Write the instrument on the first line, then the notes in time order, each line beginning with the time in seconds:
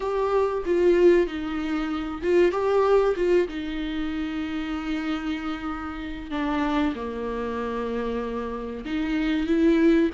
viola
0.00 G4
0.65 F4
1.26 D#4
2.22 F4
2.51 G4
3.16 F4
3.48 D#4
6.30 D4
6.95 A#3
8.84 D#4
9.47 E4